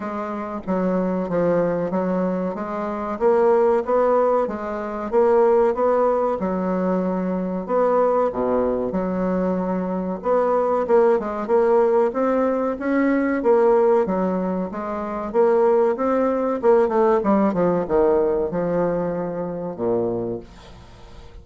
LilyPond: \new Staff \with { instrumentName = "bassoon" } { \time 4/4 \tempo 4 = 94 gis4 fis4 f4 fis4 | gis4 ais4 b4 gis4 | ais4 b4 fis2 | b4 b,4 fis2 |
b4 ais8 gis8 ais4 c'4 | cis'4 ais4 fis4 gis4 | ais4 c'4 ais8 a8 g8 f8 | dis4 f2 ais,4 | }